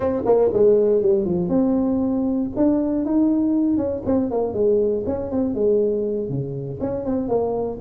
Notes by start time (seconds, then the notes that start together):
0.00 C4
0.25 A#3
0.53 G#3
1.02 G3
1.25 F3
1.49 C4
2.56 D4
3.05 D#4
3.77 C#4
4.05 C4
4.30 A#3
4.53 G#3
5.06 C#4
5.31 C4
5.54 G#3
6.29 C#3
6.80 C#4
7.05 C4
7.28 A#3